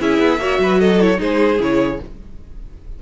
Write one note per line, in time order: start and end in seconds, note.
0.00 0.19 C#4
0.00 0.40 E4
0.00 0.41 G#4
0.00 0.81 E5
0.19 0.39 B3
0.39 0.59 A#3
0.39 1.00 F#4
0.39 0.61 C#5
0.59 1.19 F#3
0.59 0.80 B4
0.80 1.20 A4
0.80 1.01 D#5
1.01 1.17 E4
1.01 1.21 C#5
1.17 1.60 G#3
1.17 1.57 D#4
1.17 2.00 G#4
1.17 1.62 C5
1.60 2.00 C#3
1.60 2.00 E4
1.60 2.02 C#5